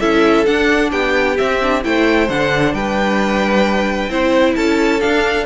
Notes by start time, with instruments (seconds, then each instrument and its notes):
0.00 cello C#4, viola E4, violin A4 E5
0.45 viola D4, cello D4, violin F#5
0.91 cello B3, violin G4 G5
1.38 viola C4, cello C4, violin E5
1.62 viola D4
1.83 cello A3, viola E4, violin C5 G5
2.29 cello D3, viola D4, violin F#5
2.73 cello G3, violin B4 G5
4.10 cello C4, viola E4, violin C5
4.55 cello C#4, violin A4 A5
5.00 viola D4, cello D4, violin F5